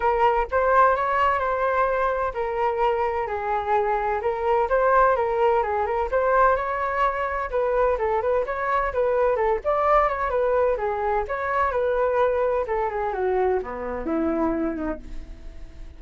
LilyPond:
\new Staff \with { instrumentName = "flute" } { \time 4/4 \tempo 4 = 128 ais'4 c''4 cis''4 c''4~ | c''4 ais'2 gis'4~ | gis'4 ais'4 c''4 ais'4 | gis'8 ais'8 c''4 cis''2 |
b'4 a'8 b'8 cis''4 b'4 | a'8 d''4 cis''8 b'4 gis'4 | cis''4 b'2 a'8 gis'8 | fis'4 b4 e'4. dis'8 | }